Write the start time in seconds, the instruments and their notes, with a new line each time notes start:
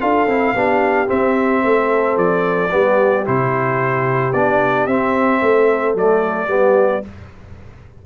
0.00 tuba D4, trombone F4, horn A4, trumpet F5
0.26 tuba C4, trombone E4
0.54 tuba B3, trombone D4, horn G4
1.06 trombone C4, tuba C4, trumpet E5
1.63 tuba A3, horn A4
2.16 tuba F3, trumpet D5
2.70 tuba G3, trombone B3, horn G4
3.24 tuba C3, trombone E4, trumpet C5
4.32 tuba B3, trombone D4, trumpet D5
4.86 tuba C4, trombone C4, trumpet E5
5.41 tuba A3, horn A4
5.94 tuba F#3, trombone A3, trumpet D5
6.47 tuba G3, trombone B3, horn G4